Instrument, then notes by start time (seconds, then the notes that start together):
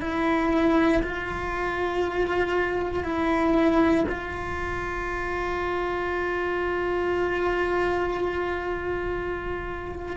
cello
0.00 E4
1.02 F4
3.03 E4
4.08 F4